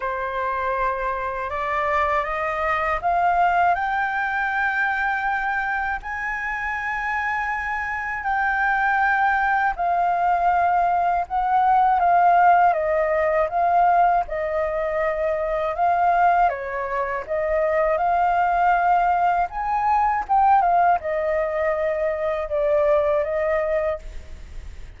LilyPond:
\new Staff \with { instrumentName = "flute" } { \time 4/4 \tempo 4 = 80 c''2 d''4 dis''4 | f''4 g''2. | gis''2. g''4~ | g''4 f''2 fis''4 |
f''4 dis''4 f''4 dis''4~ | dis''4 f''4 cis''4 dis''4 | f''2 gis''4 g''8 f''8 | dis''2 d''4 dis''4 | }